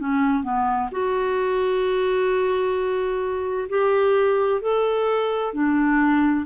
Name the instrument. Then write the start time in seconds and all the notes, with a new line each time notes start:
clarinet
0.00 C#4
0.44 B3
0.91 F#4
3.69 G4
4.62 A4
5.53 D4